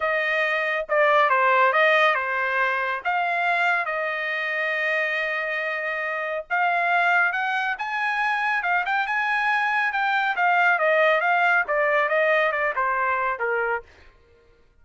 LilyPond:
\new Staff \with { instrumentName = "trumpet" } { \time 4/4 \tempo 4 = 139 dis''2 d''4 c''4 | dis''4 c''2 f''4~ | f''4 dis''2.~ | dis''2. f''4~ |
f''4 fis''4 gis''2 | f''8 g''8 gis''2 g''4 | f''4 dis''4 f''4 d''4 | dis''4 d''8 c''4. ais'4 | }